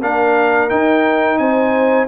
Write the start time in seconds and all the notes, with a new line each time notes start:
0.00 A#3 D4 A#4 F5
0.69 D#4 G5
1.38 C4 C5 G#5